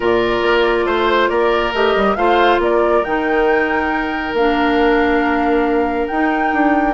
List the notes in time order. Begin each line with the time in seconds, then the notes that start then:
0.00 A#2 F4 A#4 D5
0.42 A#3
0.85 A3 C5
1.28 A#3 A#4 D5
1.73 A3 G4 D#5
1.96 G3
2.15 A3 F4 C5 F5
2.58 A#3 A#4 D5
3.04 D#3 D#4 G5
4.33 A#3 D4 F5
6.07 D#4 G5
6.53 D4